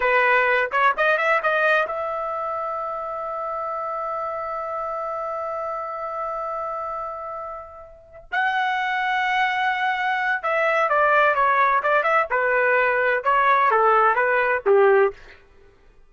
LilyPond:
\new Staff \with { instrumentName = "trumpet" } { \time 4/4 \tempo 4 = 127 b'4. cis''8 dis''8 e''8 dis''4 | e''1~ | e''1~ | e''1~ |
e''4. fis''2~ fis''8~ | fis''2 e''4 d''4 | cis''4 d''8 e''8 b'2 | cis''4 a'4 b'4 g'4 | }